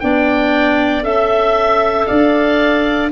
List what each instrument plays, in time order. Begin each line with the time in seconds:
0.00 tuba B3, clarinet D4 D5, oboe G5
1.02 tuba C#4, clarinet A4 E5, oboe E5
2.06 tuba D4, clarinet D5, oboe F5